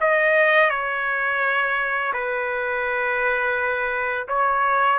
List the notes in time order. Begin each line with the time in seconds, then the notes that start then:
0.00 D#5
0.70 C#5
2.13 B4
4.28 C#5